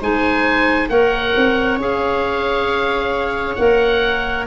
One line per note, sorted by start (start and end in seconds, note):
0.00 0.90 G#3
0.00 0.90 D#4
0.00 0.90 C5
0.00 0.89 G#5
0.89 1.34 A#3
0.89 1.80 A#4
0.89 4.47 C#5
0.89 1.79 F#5
1.37 1.77 C4
1.77 3.57 C#4
1.77 3.58 G#4
1.77 3.56 F5
3.56 4.47 A#3
3.56 4.47 A#4
3.56 4.45 F#5